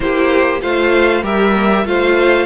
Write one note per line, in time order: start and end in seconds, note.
0.00 0.62 A#3
0.00 0.59 E4
0.00 0.61 G4
0.00 0.61 C5
0.61 1.23 A3
0.61 1.22 F4
0.61 1.23 C5
0.61 1.23 F5
1.22 1.84 G3
1.22 1.53 G4
1.22 1.85 A#4
1.22 1.86 E5
1.54 1.69 A#3
1.69 1.85 G4
1.85 2.46 A3
1.85 2.46 F4
1.85 2.46 C5
1.85 2.46 F5